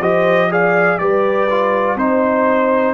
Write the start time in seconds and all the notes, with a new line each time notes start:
0.00 F3 G4 C5 D#5
0.51 G#4 D5 F5
0.99 G3 G4 B4 D5
1.50 F4
1.96 C4 D#4 C5